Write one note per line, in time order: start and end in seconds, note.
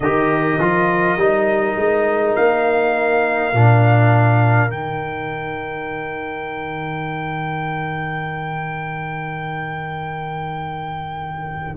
0.00 0.57 D#3
0.00 0.60 G4
0.00 11.76 A#4
0.00 2.35 D#5
0.58 1.16 F3
0.58 1.18 F4
1.16 1.75 G3
1.16 3.53 D#4
1.76 2.35 G#3
2.35 3.53 A#3
2.35 4.70 F5
3.53 4.68 A#2
3.53 4.70 D4
4.68 11.74 D#3
4.68 11.75 D#4
4.68 11.76 G5